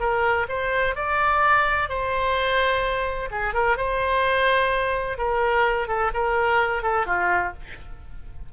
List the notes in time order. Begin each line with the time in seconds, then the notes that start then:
0.00 A#4
0.49 C5
0.96 D5
1.89 C5
3.32 G#4
3.54 A#4
3.77 C5
5.18 A#4
5.88 A4
6.14 A#4
6.83 A4
7.06 F4